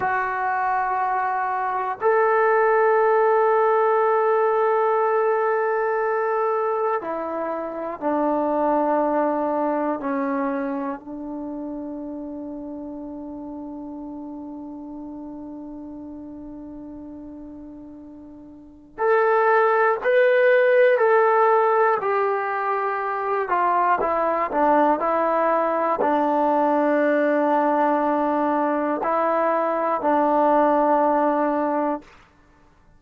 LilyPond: \new Staff \with { instrumentName = "trombone" } { \time 4/4 \tempo 4 = 60 fis'2 a'2~ | a'2. e'4 | d'2 cis'4 d'4~ | d'1~ |
d'2. a'4 | b'4 a'4 g'4. f'8 | e'8 d'8 e'4 d'2~ | d'4 e'4 d'2 | }